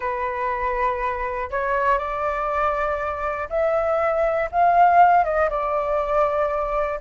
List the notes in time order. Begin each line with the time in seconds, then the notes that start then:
0.00 B4
1.50 C#5
1.98 D5
3.49 E5
4.51 F5
5.24 D#5
5.49 D5